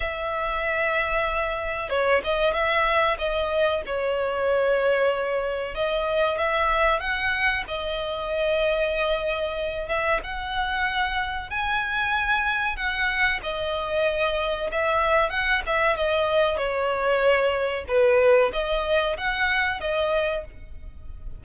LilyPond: \new Staff \with { instrumentName = "violin" } { \time 4/4 \tempo 4 = 94 e''2. cis''8 dis''8 | e''4 dis''4 cis''2~ | cis''4 dis''4 e''4 fis''4 | dis''2.~ dis''8 e''8 |
fis''2 gis''2 | fis''4 dis''2 e''4 | fis''8 e''8 dis''4 cis''2 | b'4 dis''4 fis''4 dis''4 | }